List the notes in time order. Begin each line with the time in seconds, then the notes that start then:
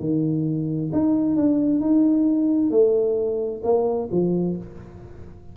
0.00 D#3
0.93 D#4
1.36 D4
1.80 D#4
2.70 A3
3.63 A#3
4.11 F3